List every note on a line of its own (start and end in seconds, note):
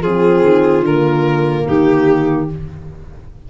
0.00 0.42 F3
0.00 0.85 C4
0.00 1.64 F4
0.00 0.85 G#4
0.42 0.81 D#3
0.81 1.63 D3
0.81 2.49 A#3
0.81 1.67 A#4
1.64 2.50 D#3
1.64 2.47 D#4
1.64 2.49 G4